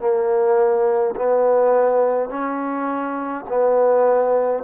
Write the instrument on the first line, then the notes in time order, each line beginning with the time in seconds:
trombone
0.00 A#3
1.16 B3
2.30 C#4
3.49 B3